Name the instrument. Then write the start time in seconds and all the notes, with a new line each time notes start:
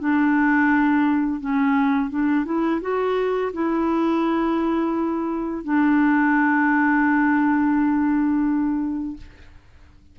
clarinet
0.00 D4
1.41 C#4
2.10 D4
2.46 E4
2.82 F#4
3.54 E4
5.64 D4